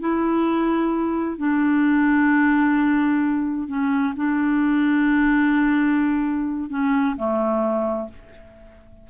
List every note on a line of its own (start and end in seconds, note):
0.00 1.38 E4
1.38 3.68 D4
3.68 4.14 C#4
4.16 6.70 D4
6.70 7.16 C#4
7.17 8.09 A3